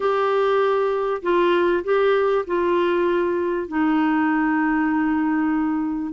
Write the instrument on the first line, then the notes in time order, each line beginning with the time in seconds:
clarinet
0.00 G4
1.22 F4
1.83 G4
2.46 F4
3.67 D#4